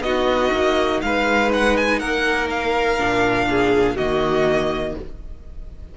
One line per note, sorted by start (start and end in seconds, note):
0.00 0.49 B3
0.00 2.98 D#4
0.00 1.02 F#4
0.00 1.00 D#5
0.52 1.01 A#3
1.01 2.00 G#3
1.01 1.99 B4
1.01 1.50 F5
1.53 1.76 F#5
1.76 1.99 G#5
1.99 2.99 A#3
1.99 3.47 A#4
1.99 2.48 F#5
2.50 3.97 F5
2.98 3.96 A#2
2.98 3.96 D4
3.49 3.95 G#4
3.95 4.94 D#3
3.95 4.97 A#3
3.95 4.94 F#4
3.95 4.95 D#5